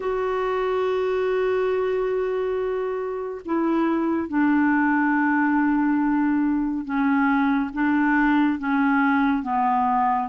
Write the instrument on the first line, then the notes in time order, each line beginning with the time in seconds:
clarinet
0.00 F#4
3.45 E4
4.28 D4
6.84 C#4
7.73 D4
8.58 C#4
9.42 B3